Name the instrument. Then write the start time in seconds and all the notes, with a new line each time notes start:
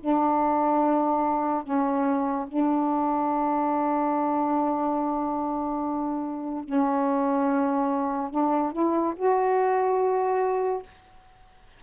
saxophone
0.00 D4
1.63 C#4
2.48 D4
6.64 C#4
8.31 D4
8.72 E4
9.16 F#4